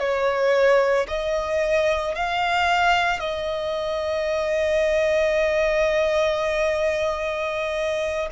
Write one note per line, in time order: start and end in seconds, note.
0.00 1.07 C#5
1.08 2.15 D#5
2.15 3.20 F5
3.20 8.29 D#5